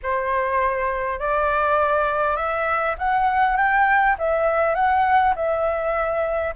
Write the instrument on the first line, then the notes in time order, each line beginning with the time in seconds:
flute
0.02 C5
1.19 D5
2.36 E5
2.98 F#5
3.56 G5
4.18 E5
4.74 F#5
5.35 E5